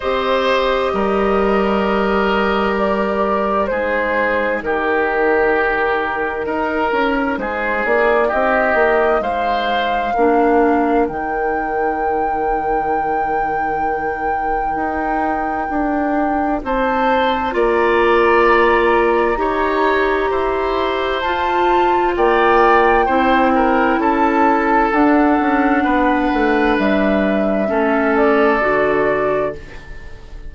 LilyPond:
<<
  \new Staff \with { instrumentName = "flute" } { \time 4/4 \tempo 4 = 65 dis''2. d''4 | c''4 ais'2. | c''8 d''8 dis''4 f''2 | g''1~ |
g''2 a''4 ais''4~ | ais''2. a''4 | g''2 a''4 fis''4~ | fis''4 e''4. d''4. | }
  \new Staff \with { instrumentName = "oboe" } { \time 4/4 c''4 ais'2. | gis'4 g'2 ais'4 | gis'4 g'4 c''4 ais'4~ | ais'1~ |
ais'2 c''4 d''4~ | d''4 cis''4 c''2 | d''4 c''8 ais'8 a'2 | b'2 a'2 | }
  \new Staff \with { instrumentName = "clarinet" } { \time 4/4 g'1 | dis'1~ | dis'2. d'4 | dis'1~ |
dis'2. f'4~ | f'4 g'2 f'4~ | f'4 e'2 d'4~ | d'2 cis'4 fis'4 | }
  \new Staff \with { instrumentName = "bassoon" } { \time 4/4 c'4 g2. | gis4 dis2 dis'8 cis'8 | gis8 ais8 c'8 ais8 gis4 ais4 | dis1 |
dis'4 d'4 c'4 ais4~ | ais4 dis'4 e'4 f'4 | ais4 c'4 cis'4 d'8 cis'8 | b8 a8 g4 a4 d4 | }
>>